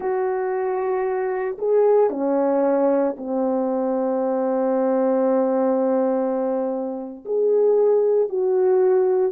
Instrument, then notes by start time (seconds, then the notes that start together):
horn
0.00 F#4
1.58 G#4
2.10 C#4
3.17 C4
7.25 G#4
8.29 F#4